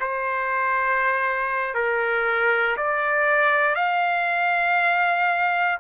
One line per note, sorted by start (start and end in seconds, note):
0.00 1.74 C5
1.74 2.76 A#4
2.77 3.75 D5
3.75 5.79 F5